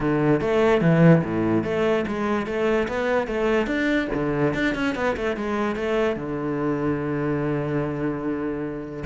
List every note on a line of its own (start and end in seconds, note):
0.00 0.41 D3
0.41 0.81 A3
0.81 1.22 E3
1.24 1.63 A2
1.63 2.05 A3
2.07 2.46 G#3
2.46 2.87 A3
2.88 3.27 B3
3.27 3.66 A3
3.66 4.08 D4
4.14 4.54 D3
4.54 4.74 D4
4.74 4.95 C#4
4.95 5.15 B3
5.16 5.36 A3
5.36 5.75 G#3
5.75 6.16 A3
6.16 9.03 D3